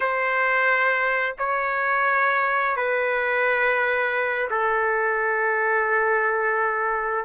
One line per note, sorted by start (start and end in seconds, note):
0.00 1.35 C5
1.38 2.76 C#5
2.76 4.49 B4
4.50 7.24 A4